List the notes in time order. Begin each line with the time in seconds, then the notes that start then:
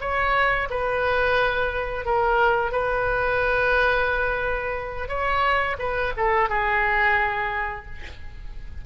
0.00 C#5
0.69 B4
2.05 A#4
2.71 B4
5.08 C#5
5.78 B4
6.16 A4
6.49 G#4